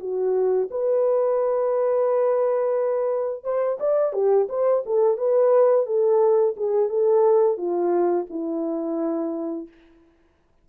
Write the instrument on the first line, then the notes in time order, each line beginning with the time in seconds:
horn
0.00 F#4
0.71 B4
3.44 C5
3.80 D5
4.13 G4
4.49 C5
4.86 A4
5.18 B4
5.86 A4
6.57 G#4
6.89 A4
7.58 F4
8.30 E4